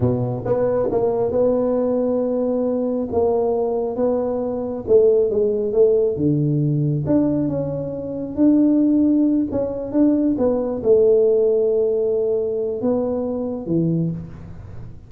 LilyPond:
\new Staff \with { instrumentName = "tuba" } { \time 4/4 \tempo 4 = 136 b,4 b4 ais4 b4~ | b2. ais4~ | ais4 b2 a4 | gis4 a4 d2 |
d'4 cis'2 d'4~ | d'4. cis'4 d'4 b8~ | b8 a2.~ a8~ | a4 b2 e4 | }